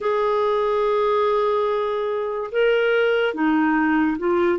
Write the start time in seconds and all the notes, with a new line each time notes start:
0.00 G#4
2.51 A#4
3.33 D#4
4.18 F4